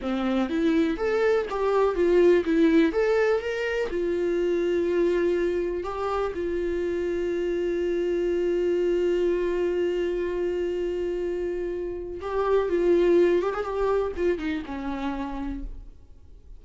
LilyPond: \new Staff \with { instrumentName = "viola" } { \time 4/4 \tempo 4 = 123 c'4 e'4 a'4 g'4 | f'4 e'4 a'4 ais'4 | f'1 | g'4 f'2.~ |
f'1~ | f'1~ | f'4 g'4 f'4. g'16 gis'16 | g'4 f'8 dis'8 cis'2 | }